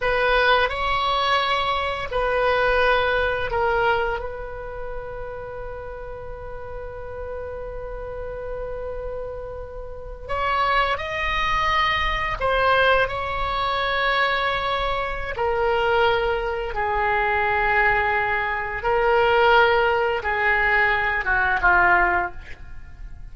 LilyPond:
\new Staff \with { instrumentName = "oboe" } { \time 4/4 \tempo 4 = 86 b'4 cis''2 b'4~ | b'4 ais'4 b'2~ | b'1~ | b'2~ b'8. cis''4 dis''16~ |
dis''4.~ dis''16 c''4 cis''4~ cis''16~ | cis''2 ais'2 | gis'2. ais'4~ | ais'4 gis'4. fis'8 f'4 | }